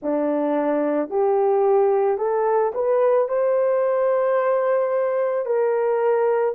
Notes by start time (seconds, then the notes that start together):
0.02 D4
1.09 G4
2.17 A4
2.74 B4
3.28 C5
5.45 A#4